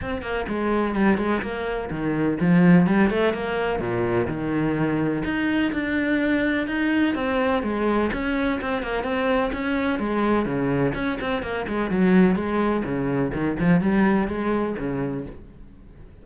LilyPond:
\new Staff \with { instrumentName = "cello" } { \time 4/4 \tempo 4 = 126 c'8 ais8 gis4 g8 gis8 ais4 | dis4 f4 g8 a8 ais4 | ais,4 dis2 dis'4 | d'2 dis'4 c'4 |
gis4 cis'4 c'8 ais8 c'4 | cis'4 gis4 cis4 cis'8 c'8 | ais8 gis8 fis4 gis4 cis4 | dis8 f8 g4 gis4 cis4 | }